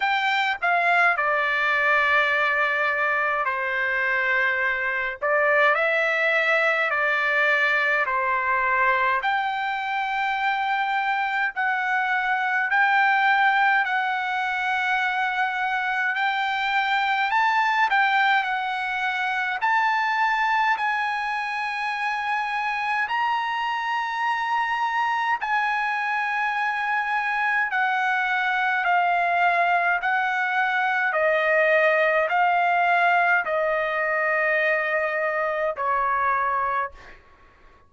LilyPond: \new Staff \with { instrumentName = "trumpet" } { \time 4/4 \tempo 4 = 52 g''8 f''8 d''2 c''4~ | c''8 d''8 e''4 d''4 c''4 | g''2 fis''4 g''4 | fis''2 g''4 a''8 g''8 |
fis''4 a''4 gis''2 | ais''2 gis''2 | fis''4 f''4 fis''4 dis''4 | f''4 dis''2 cis''4 | }